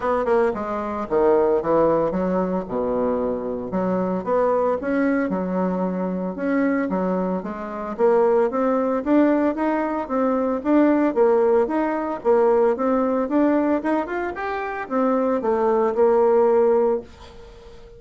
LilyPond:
\new Staff \with { instrumentName = "bassoon" } { \time 4/4 \tempo 4 = 113 b8 ais8 gis4 dis4 e4 | fis4 b,2 fis4 | b4 cis'4 fis2 | cis'4 fis4 gis4 ais4 |
c'4 d'4 dis'4 c'4 | d'4 ais4 dis'4 ais4 | c'4 d'4 dis'8 f'8 g'4 | c'4 a4 ais2 | }